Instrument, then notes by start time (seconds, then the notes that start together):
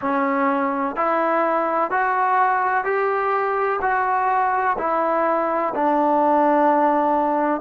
trombone
0.01 C#4
0.95 E4
1.90 F#4
2.84 G4
3.81 F#4
4.78 E4
5.74 D4